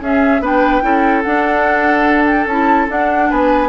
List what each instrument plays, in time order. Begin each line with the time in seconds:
0.00 bassoon C#4, clarinet C#4, oboe G#4, flute E5
0.40 bassoon B3, clarinet D4, oboe B4, flute G5
0.82 bassoon C#4, clarinet E4, oboe A4
1.22 clarinet D4, bassoon D4, flute F#5
2.25 flute G5
2.46 bassoon C#4, clarinet E4, flute A5
2.88 clarinet D4, bassoon D4, flute F#5
3.30 bassoon B3, oboe B4, flute G#5